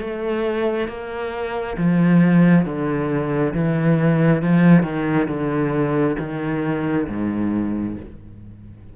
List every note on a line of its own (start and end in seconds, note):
0.00 0.88 A3
0.88 1.76 A#3
1.77 2.65 F3
2.65 3.53 D3
3.53 4.42 E3
4.42 4.83 F3
4.83 5.27 D#3
5.27 6.16 D3
6.19 7.07 D#3
7.07 7.96 G#2